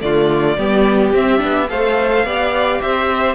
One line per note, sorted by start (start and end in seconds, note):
0.00 0.57 D3
0.00 0.56 A3
0.00 0.58 F4
0.00 1.13 D5
0.57 1.12 G3
0.57 1.13 B3
0.57 1.69 G4
1.12 1.40 C4
1.12 1.37 C4
1.12 1.69 E5
1.37 1.70 B3
1.37 1.65 D4
1.69 2.24 A3
1.69 2.25 A4
1.69 2.25 C5
1.69 2.81 F5
2.24 2.80 B3
2.24 3.34 G4
2.24 2.81 D5
2.81 3.34 C4
2.81 3.34 C5
2.81 3.34 E5